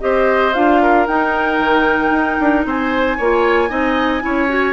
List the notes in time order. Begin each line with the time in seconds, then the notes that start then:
0.00 C4 G4 C5 D#5
0.54 D4 F4 F5
0.83 A#4
1.07 D#4 G5
1.59 D#3
2.11 D#4
2.40 D4
2.66 C4 C5 G#5
3.18 A#3 F4 C#5
3.69 C4 D#4 D#5
4.21 C#4 E4 C#5
4.48 F#4